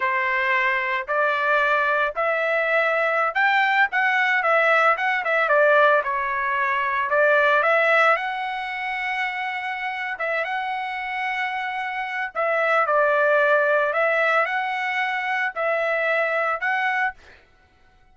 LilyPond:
\new Staff \with { instrumentName = "trumpet" } { \time 4/4 \tempo 4 = 112 c''2 d''2 | e''2~ e''16 g''4 fis''8.~ | fis''16 e''4 fis''8 e''8 d''4 cis''8.~ | cis''4~ cis''16 d''4 e''4 fis''8.~ |
fis''2. e''8 fis''8~ | fis''2. e''4 | d''2 e''4 fis''4~ | fis''4 e''2 fis''4 | }